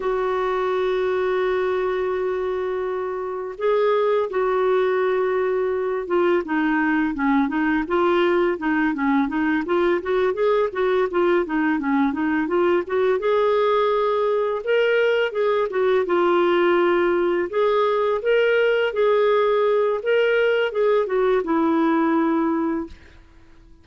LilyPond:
\new Staff \with { instrumentName = "clarinet" } { \time 4/4 \tempo 4 = 84 fis'1~ | fis'4 gis'4 fis'2~ | fis'8 f'8 dis'4 cis'8 dis'8 f'4 | dis'8 cis'8 dis'8 f'8 fis'8 gis'8 fis'8 f'8 |
dis'8 cis'8 dis'8 f'8 fis'8 gis'4.~ | gis'8 ais'4 gis'8 fis'8 f'4.~ | f'8 gis'4 ais'4 gis'4. | ais'4 gis'8 fis'8 e'2 | }